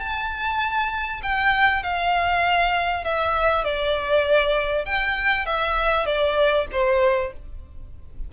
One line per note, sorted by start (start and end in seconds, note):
0.00 1.21 A5
1.23 1.83 G5
1.83 3.04 F5
3.05 3.64 E5
3.64 4.86 D5
4.86 5.46 G5
5.46 6.06 E5
6.06 6.67 D5
6.72 7.33 C5